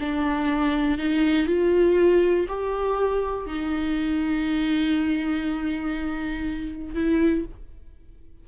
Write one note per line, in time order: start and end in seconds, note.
0.00 0.98 D4
0.98 1.47 D#4
1.47 2.47 F4
2.48 3.47 G4
3.47 6.95 D#4
6.95 7.45 E4